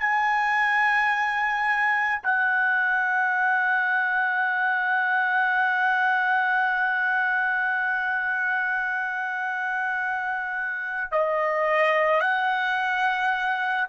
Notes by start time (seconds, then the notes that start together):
0.00 G#5
2.23 F#5
11.12 D#5
12.21 F#5